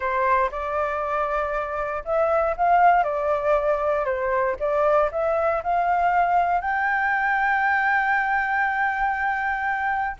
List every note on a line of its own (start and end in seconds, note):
0.00 0.49 C5
0.51 2.03 D5
2.04 2.55 E5
2.56 3.03 F5
3.03 4.05 D5
4.05 4.56 C5
4.59 5.10 D5
5.11 5.62 E5
5.63 6.61 F5
6.61 10.16 G5